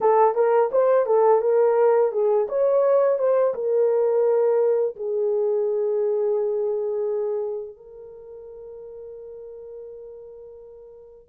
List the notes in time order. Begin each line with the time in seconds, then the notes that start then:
0.01 A4
0.34 A#4
0.71 C5
1.06 A4
1.41 A#4
2.12 G#4
2.48 C#5
3.18 C5
3.54 A#4
4.96 G#4
7.76 A#4